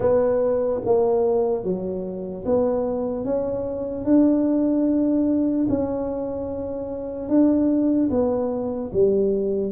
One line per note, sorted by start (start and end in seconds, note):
0.00 0.81 B3
0.85 1.63 A#3
1.63 2.44 F#3
2.45 3.24 B3
3.24 4.05 C#4
4.05 5.67 D4
5.69 7.28 C#4
7.28 8.09 D4
8.09 8.90 B3
8.92 9.71 G3